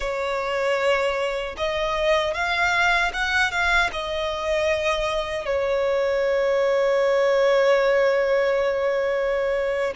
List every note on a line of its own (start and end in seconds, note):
0.00 1.55 C#5
1.57 2.33 D#5
2.33 3.11 F5
3.13 3.51 F#5
3.51 3.90 F5
3.92 5.45 D#5
5.45 9.94 C#5